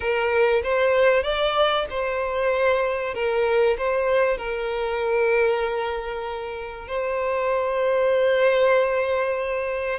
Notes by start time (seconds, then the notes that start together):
0.00 A#4
0.62 C5
1.23 D5
1.89 C5
3.14 A#4
3.77 C5
4.37 A#4
6.87 C5